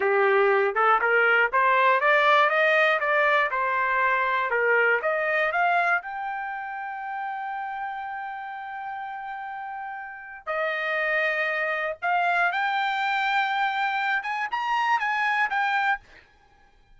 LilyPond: \new Staff \with { instrumentName = "trumpet" } { \time 4/4 \tempo 4 = 120 g'4. a'8 ais'4 c''4 | d''4 dis''4 d''4 c''4~ | c''4 ais'4 dis''4 f''4 | g''1~ |
g''1~ | g''4 dis''2. | f''4 g''2.~ | g''8 gis''8 ais''4 gis''4 g''4 | }